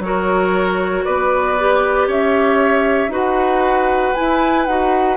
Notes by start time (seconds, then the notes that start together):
0.00 F#3 F#4 A#4 C#5
1.04 B3 B4 D5
1.59 G4
2.08 C#4 C#5 E5
3.09 D#4 F#4 B4 F#5
4.15 E4 G#5
4.66 D#4 F#4 F#5